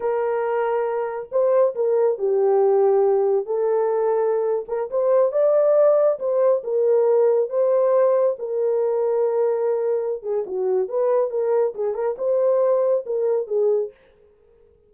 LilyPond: \new Staff \with { instrumentName = "horn" } { \time 4/4 \tempo 4 = 138 ais'2. c''4 | ais'4 g'2. | a'2~ a'8. ais'8 c''8.~ | c''16 d''2 c''4 ais'8.~ |
ais'4~ ais'16 c''2 ais'8.~ | ais'2.~ ais'8 gis'8 | fis'4 b'4 ais'4 gis'8 ais'8 | c''2 ais'4 gis'4 | }